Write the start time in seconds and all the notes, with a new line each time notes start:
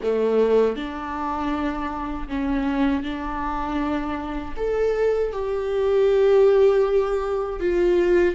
0.02 A3
0.76 D4
2.28 C#4
3.03 D4
4.56 A4
5.32 G4
7.59 F4